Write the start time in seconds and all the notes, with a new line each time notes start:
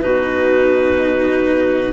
0.00 B2 D#4 F#4 B4